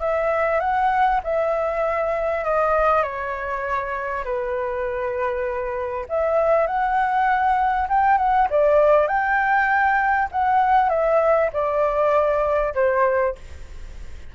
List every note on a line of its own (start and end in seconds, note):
0.00 0.60 E5
0.60 1.21 F#5
1.23 2.45 E5
2.45 3.03 D#5
3.03 4.24 C#5
4.25 6.06 B4
6.09 6.67 E5
6.67 7.88 F#5
7.89 8.18 G5
8.18 8.48 F#5
8.50 9.07 D5
9.07 10.29 G5
10.32 10.90 F#5
10.90 11.50 E5
11.53 12.74 D5
12.75 13.35 C5